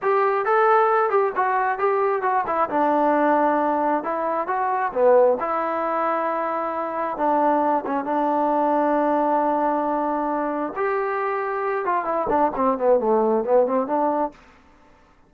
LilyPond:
\new Staff \with { instrumentName = "trombone" } { \time 4/4 \tempo 4 = 134 g'4 a'4. g'8 fis'4 | g'4 fis'8 e'8 d'2~ | d'4 e'4 fis'4 b4 | e'1 |
d'4. cis'8 d'2~ | d'1 | g'2~ g'8 f'8 e'8 d'8 | c'8 b8 a4 b8 c'8 d'4 | }